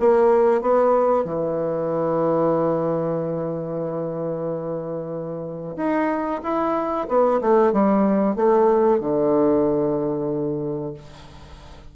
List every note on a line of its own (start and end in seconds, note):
0.00 0.62 A#3
0.62 1.25 B3
1.25 5.76 E3
5.77 6.41 D#4
6.43 7.08 E4
7.09 7.41 B3
7.41 7.73 A3
7.73 8.36 G3
8.36 9.01 A3
9.01 10.94 D3